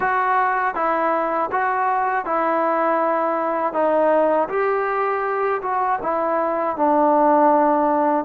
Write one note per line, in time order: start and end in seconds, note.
0.00 0.75 F#4
0.75 1.50 E4
1.51 2.25 F#4
2.25 3.73 E4
3.73 4.48 D#4
4.48 5.61 G4
5.61 5.99 F#4
6.02 6.76 E4
6.76 8.24 D4